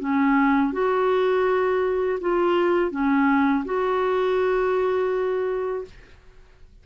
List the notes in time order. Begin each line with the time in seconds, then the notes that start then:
0.00 C#4
0.73 F#4
2.21 F4
2.91 C#4
3.66 F#4